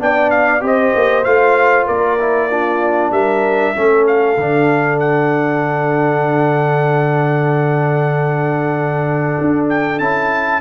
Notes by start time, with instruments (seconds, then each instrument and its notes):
0.00 tuba B3, trombone D4, horn D5, trumpet G5
0.31 trumpet F5
0.61 tuba C4, trombone G4, horn C5, trumpet D#5
0.95 tuba A#3
1.24 tuba A3, trombone F4, trumpet F5
1.87 tuba A#3, horn A#4, trumpet D5
2.19 trombone E4
2.51 trombone D4, horn F4
3.11 tuba G3, horn A#4, trumpet E5
3.76 tuba A3, trombone C#4, horn A4
4.07 trumpet F5
4.37 tuba D3, trombone D4
5.00 trumpet F#5
9.41 tuba D4
9.70 trumpet G5
9.99 tuba C#4, trombone E4, trumpet A5